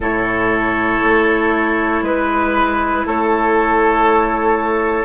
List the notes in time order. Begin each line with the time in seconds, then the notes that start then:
0.00 A2 E4 A4 C#5
1.03 A3
2.02 G#3 B4
3.06 A3 A4 C#5